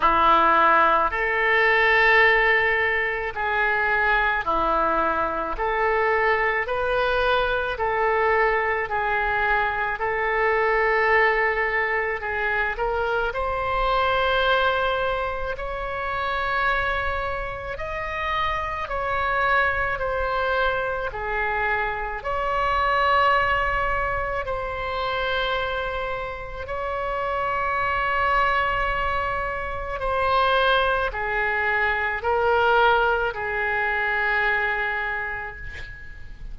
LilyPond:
\new Staff \with { instrumentName = "oboe" } { \time 4/4 \tempo 4 = 54 e'4 a'2 gis'4 | e'4 a'4 b'4 a'4 | gis'4 a'2 gis'8 ais'8 | c''2 cis''2 |
dis''4 cis''4 c''4 gis'4 | cis''2 c''2 | cis''2. c''4 | gis'4 ais'4 gis'2 | }